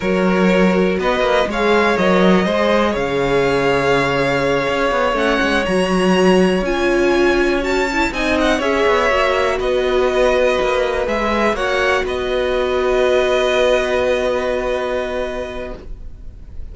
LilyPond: <<
  \new Staff \with { instrumentName = "violin" } { \time 4/4 \tempo 4 = 122 cis''2 dis''4 f''4 | dis''2 f''2~ | f''2~ f''8 fis''4 ais''8~ | ais''4. gis''2 a''8~ |
a''8 gis''8 fis''8 e''2 dis''8~ | dis''2~ dis''8 e''4 fis''8~ | fis''8 dis''2.~ dis''8~ | dis''1 | }
  \new Staff \with { instrumentName = "violin" } { \time 4/4 ais'2 b'4 cis''4~ | cis''4 c''4 cis''2~ | cis''1~ | cis''1~ |
cis''8 dis''4 cis''2 b'8~ | b'2.~ b'8 cis''8~ | cis''8 b'2.~ b'8~ | b'1 | }
  \new Staff \with { instrumentName = "viola" } { \time 4/4 fis'2. gis'4 | ais'4 gis'2.~ | gis'2~ gis'8 cis'4 fis'8~ | fis'4. f'2 fis'8 |
e'8 dis'4 gis'4 fis'4.~ | fis'2~ fis'8 gis'4 fis'8~ | fis'1~ | fis'1 | }
  \new Staff \with { instrumentName = "cello" } { \time 4/4 fis2 b8 ais8 gis4 | fis4 gis4 cis2~ | cis4. cis'8 b8 a8 gis8 fis8~ | fis4. cis'2~ cis'8~ |
cis'8 c'4 cis'8 b8 ais4 b8~ | b4. ais4 gis4 ais8~ | ais8 b2.~ b8~ | b1 | }
>>